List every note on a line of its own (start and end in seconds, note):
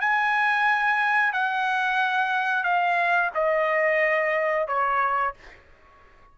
0.00 1.32 G#5
1.32 2.63 F#5
2.63 3.30 F5
3.34 4.67 D#5
4.67 5.34 C#5